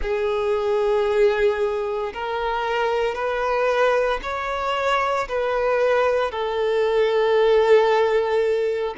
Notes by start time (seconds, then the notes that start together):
0.02 G#4
2.13 A#4
3.14 B4
4.22 C#5
5.28 B4
6.31 A4